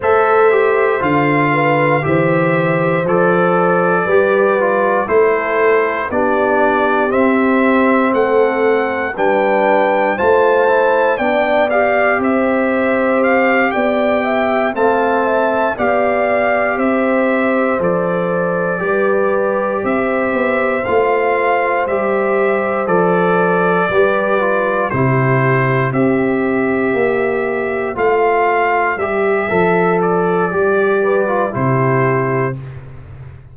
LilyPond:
<<
  \new Staff \with { instrumentName = "trumpet" } { \time 4/4 \tempo 4 = 59 e''4 f''4 e''4 d''4~ | d''4 c''4 d''4 e''4 | fis''4 g''4 a''4 g''8 f''8 | e''4 f''8 g''4 a''4 f''8~ |
f''8 e''4 d''2 e''8~ | e''8 f''4 e''4 d''4.~ | d''8 c''4 e''2 f''8~ | f''8 e''4 d''4. c''4 | }
  \new Staff \with { instrumentName = "horn" } { \time 4/4 c''4. b'8 c''2 | b'4 a'4 g'2 | a'4 b'4 c''4 d''4 | c''4. d''8 e''8 f''8 e''8 d''8~ |
d''8 c''2 b'4 c''8~ | c''2.~ c''8 b'8~ | b'8 g'4 c''2~ c''8~ | c''2~ c''8 b'8 g'4 | }
  \new Staff \with { instrumentName = "trombone" } { \time 4/4 a'8 g'8 f'4 g'4 a'4 | g'8 f'8 e'4 d'4 c'4~ | c'4 d'4 f'8 e'8 d'8 g'8~ | g'2~ g'8 c'4 g'8~ |
g'4. a'4 g'4.~ | g'8 f'4 g'4 a'4 g'8 | f'8 e'4 g'2 f'8~ | f'8 g'8 a'4 g'8. f'16 e'4 | }
  \new Staff \with { instrumentName = "tuba" } { \time 4/4 a4 d4 e4 f4 | g4 a4 b4 c'4 | a4 g4 a4 b4 | c'4. b4 a4 b8~ |
b8 c'4 f4 g4 c'8 | b8 a4 g4 f4 g8~ | g8 c4 c'4 ais4 a8~ | a8 g8 f4 g4 c4 | }
>>